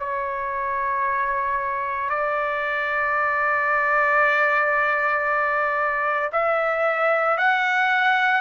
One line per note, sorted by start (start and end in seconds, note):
0.00 2.10 C#5
2.10 6.31 D5
6.33 7.38 E5
7.38 8.42 F#5